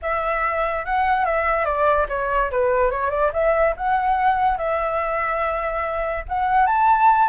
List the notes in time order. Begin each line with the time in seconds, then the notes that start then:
0.02 E5
0.85 F#5
1.25 E5
1.65 D5
2.09 C#5
2.51 B4
2.90 C#5
3.10 D5
3.33 E5
3.77 F#5
4.57 E5
6.28 F#5
6.66 A5